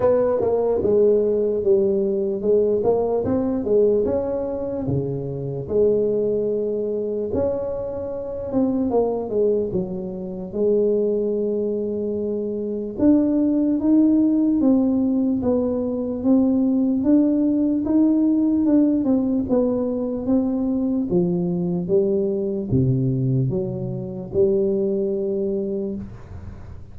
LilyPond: \new Staff \with { instrumentName = "tuba" } { \time 4/4 \tempo 4 = 74 b8 ais8 gis4 g4 gis8 ais8 | c'8 gis8 cis'4 cis4 gis4~ | gis4 cis'4. c'8 ais8 gis8 | fis4 gis2. |
d'4 dis'4 c'4 b4 | c'4 d'4 dis'4 d'8 c'8 | b4 c'4 f4 g4 | c4 fis4 g2 | }